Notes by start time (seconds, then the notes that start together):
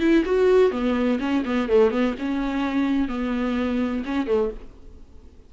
0.00 E4
0.25 F#4
0.71 B3
1.20 C#4
1.45 B3
1.69 A3
1.91 B3
2.19 C#4
3.09 B3
4.05 C#4
4.27 A3